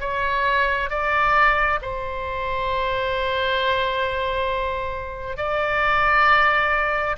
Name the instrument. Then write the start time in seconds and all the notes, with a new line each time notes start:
oboe
0.00 C#5
0.90 D5
1.82 C5
5.36 D5